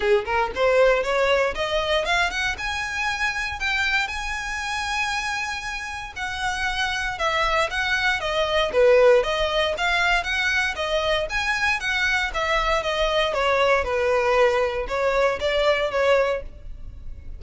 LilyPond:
\new Staff \with { instrumentName = "violin" } { \time 4/4 \tempo 4 = 117 gis'8 ais'8 c''4 cis''4 dis''4 | f''8 fis''8 gis''2 g''4 | gis''1 | fis''2 e''4 fis''4 |
dis''4 b'4 dis''4 f''4 | fis''4 dis''4 gis''4 fis''4 | e''4 dis''4 cis''4 b'4~ | b'4 cis''4 d''4 cis''4 | }